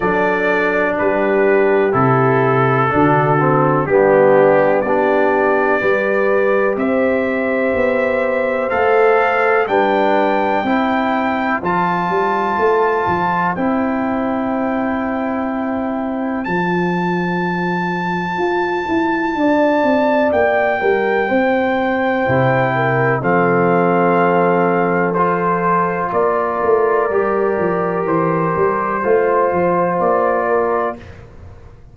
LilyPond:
<<
  \new Staff \with { instrumentName = "trumpet" } { \time 4/4 \tempo 4 = 62 d''4 b'4 a'2 | g'4 d''2 e''4~ | e''4 f''4 g''2 | a''2 g''2~ |
g''4 a''2.~ | a''4 g''2. | f''2 c''4 d''4~ | d''4 c''2 d''4 | }
  \new Staff \with { instrumentName = "horn" } { \time 4/4 a'4 g'2 fis'4 | d'4 g'4 b'4 c''4~ | c''2 b'4 c''4~ | c''1~ |
c''1 | d''4. ais'8 c''4. ais'8 | a'2. ais'4~ | ais'2 c''4. ais'8 | }
  \new Staff \with { instrumentName = "trombone" } { \time 4/4 d'2 e'4 d'8 c'8 | b4 d'4 g'2~ | g'4 a'4 d'4 e'4 | f'2 e'2~ |
e'4 f'2.~ | f'2. e'4 | c'2 f'2 | g'2 f'2 | }
  \new Staff \with { instrumentName = "tuba" } { \time 4/4 fis4 g4 c4 d4 | g4 b4 g4 c'4 | b4 a4 g4 c'4 | f8 g8 a8 f8 c'2~ |
c'4 f2 f'8 e'8 | d'8 c'8 ais8 g8 c'4 c4 | f2. ais8 a8 | g8 f8 e8 g8 a8 f8 ais4 | }
>>